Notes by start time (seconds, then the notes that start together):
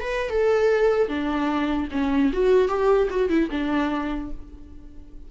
0.00 B4
0.29 A4
1.08 D4
1.91 C#4
2.32 F#4
2.68 G4
3.09 F#4
3.29 E4
3.50 D4